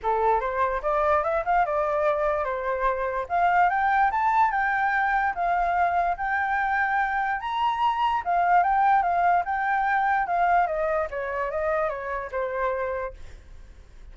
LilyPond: \new Staff \with { instrumentName = "flute" } { \time 4/4 \tempo 4 = 146 a'4 c''4 d''4 e''8 f''8 | d''2 c''2 | f''4 g''4 a''4 g''4~ | g''4 f''2 g''4~ |
g''2 ais''2 | f''4 g''4 f''4 g''4~ | g''4 f''4 dis''4 cis''4 | dis''4 cis''4 c''2 | }